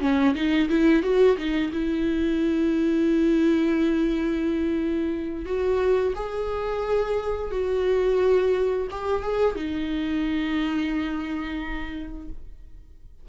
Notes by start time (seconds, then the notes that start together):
0.00 C#4
0.34 D#4
0.69 E4
1.02 F#4
1.37 D#4
1.73 E4
5.45 F#4
6.15 G#4
7.51 F#4
8.90 G4
9.22 G#4
9.55 D#4